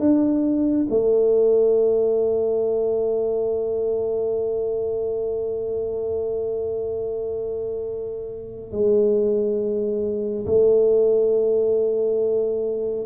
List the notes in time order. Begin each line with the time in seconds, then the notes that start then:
0.00 D4
0.90 A3
8.72 G#3
10.46 A3